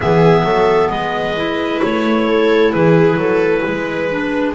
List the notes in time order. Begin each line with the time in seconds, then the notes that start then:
0.00 E3 B3 G#4 E5
0.44 F#3 A4
0.89 G#3 B4 D#5
1.36 E4
1.83 A3 C#5
2.27 A4
2.72 E3 G#4 B4
3.16 F#3 A4
3.61 G#3 B4
4.09 D4